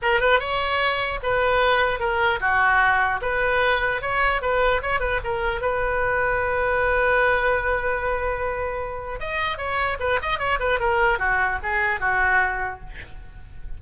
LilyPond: \new Staff \with { instrumentName = "oboe" } { \time 4/4 \tempo 4 = 150 ais'8 b'8 cis''2 b'4~ | b'4 ais'4 fis'2 | b'2 cis''4 b'4 | cis''8 b'8 ais'4 b'2~ |
b'1~ | b'2. dis''4 | cis''4 b'8 dis''8 cis''8 b'8 ais'4 | fis'4 gis'4 fis'2 | }